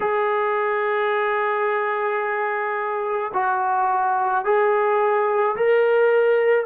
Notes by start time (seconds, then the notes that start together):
0.00 G#4
3.33 F#4
4.44 G#4
5.56 A#4